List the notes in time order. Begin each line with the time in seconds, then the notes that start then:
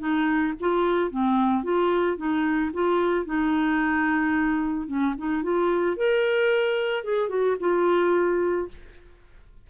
0.00 D#4
0.61 F4
1.11 C4
1.64 F4
2.17 D#4
2.74 F4
3.26 D#4
4.88 C#4
5.18 D#4
5.43 F4
5.97 A#4
7.04 G#4
7.29 F#4
7.60 F4